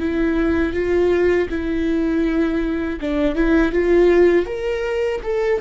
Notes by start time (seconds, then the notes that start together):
0.00 E4
0.74 F4
1.50 E4
3.01 D4
3.35 E4
3.73 F4
4.47 A#4
5.24 A4